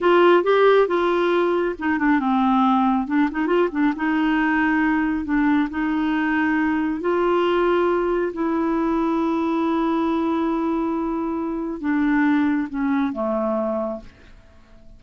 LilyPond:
\new Staff \with { instrumentName = "clarinet" } { \time 4/4 \tempo 4 = 137 f'4 g'4 f'2 | dis'8 d'8 c'2 d'8 dis'8 | f'8 d'8 dis'2. | d'4 dis'2. |
f'2. e'4~ | e'1~ | e'2. d'4~ | d'4 cis'4 a2 | }